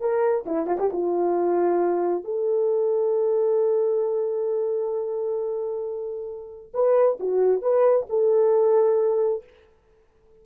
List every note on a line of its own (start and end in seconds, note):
0.00 0.45 A#4
0.46 0.66 E4
0.66 0.78 F4
0.79 0.90 G4
0.92 2.24 F4
2.24 6.72 A4
6.74 7.18 B4
7.19 7.61 F#4
7.61 8.06 B4
8.09 9.43 A4